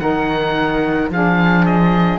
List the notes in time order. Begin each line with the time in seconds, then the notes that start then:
0.00 D#3 D#4 A#4 F#5
1.10 F3 D4 G#4 F5
1.66 D#5